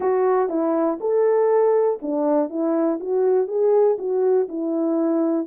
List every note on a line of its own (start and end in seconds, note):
0.00 0.49 F#4
0.49 0.98 E4
1.00 1.99 A4
2.02 2.49 D4
2.49 2.99 E4
3.00 3.47 F#4
3.47 3.97 G#4
3.98 4.47 F#4
4.48 5.46 E4